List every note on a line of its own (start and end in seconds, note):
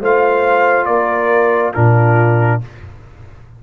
0.00 0.87 A3
0.00 1.74 F4
0.00 0.87 C5
0.00 0.85 F5
0.85 1.74 A#3
0.85 1.74 A#4
0.85 1.72 D5
1.74 2.63 A#2
1.74 2.61 D4
1.74 2.61 F4
1.74 2.61 A#4